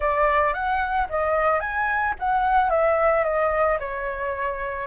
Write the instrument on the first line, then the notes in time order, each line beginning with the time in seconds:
flute
0.00 D5
0.53 F#5
1.09 D#5
1.59 G#5
2.19 F#5
2.70 E5
3.24 D#5
3.79 C#5